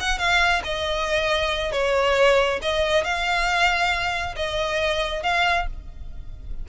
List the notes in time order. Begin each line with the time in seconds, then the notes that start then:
0.00 F#5
0.18 F5
0.64 D#5
1.72 C#5
2.62 D#5
3.04 F5
4.36 D#5
5.23 F5